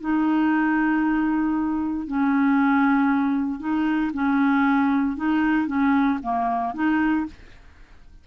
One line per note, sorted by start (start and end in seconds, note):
0.00 2.07 D#4
2.07 3.59 C#4
3.59 4.11 D#4
4.13 5.16 C#4
5.16 5.67 D#4
5.67 6.18 C#4
6.22 6.74 A#3
6.74 7.25 D#4